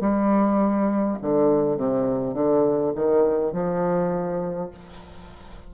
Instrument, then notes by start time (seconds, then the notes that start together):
bassoon
0.00 G3
1.22 D3
1.77 C3
2.34 D3
2.95 D#3
3.52 F3